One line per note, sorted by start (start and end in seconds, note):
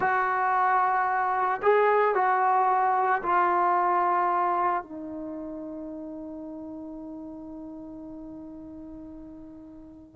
0.00 1.61 F#4
1.62 2.15 G#4
2.15 3.22 F#4
3.22 4.83 F4
4.83 10.15 D#4